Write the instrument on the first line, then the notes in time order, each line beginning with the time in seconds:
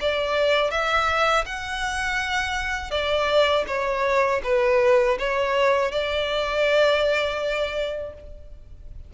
violin
0.00 D5
0.70 E5
1.45 F#5
2.91 D5
3.67 C#5
4.43 B4
5.19 C#5
5.91 D5